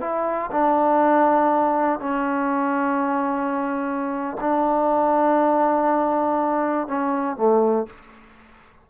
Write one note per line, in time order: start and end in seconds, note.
0.00 0.50 E4
0.51 1.99 D4
1.99 4.37 C#4
4.40 6.87 D4
6.87 7.36 C#4
7.36 7.86 A3